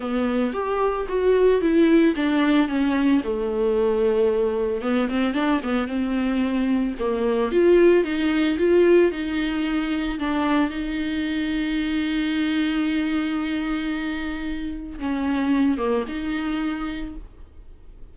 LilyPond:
\new Staff \with { instrumentName = "viola" } { \time 4/4 \tempo 4 = 112 b4 g'4 fis'4 e'4 | d'4 cis'4 a2~ | a4 b8 c'8 d'8 b8 c'4~ | c'4 ais4 f'4 dis'4 |
f'4 dis'2 d'4 | dis'1~ | dis'1 | cis'4. ais8 dis'2 | }